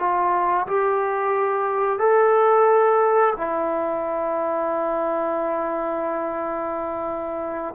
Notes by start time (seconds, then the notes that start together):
0.00 F4
0.67 G4
1.99 A4
3.37 E4